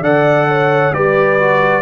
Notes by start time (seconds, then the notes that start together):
0.00 D3 A4 D5 F#5
0.48 C#5
0.93 G3 G4 B4 D5
1.39 F#4